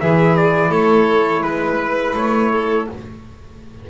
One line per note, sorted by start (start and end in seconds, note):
0.00 0.70 E3
0.00 2.90 E4
0.00 0.70 G#4
0.00 0.36 E5
0.36 0.72 D5
0.70 1.42 A3
0.70 1.43 A4
0.70 1.43 C#5
1.42 2.14 G#3
1.42 2.15 B4
1.42 2.52 B4
2.15 2.87 A3
2.15 2.89 C#5
2.52 2.88 A4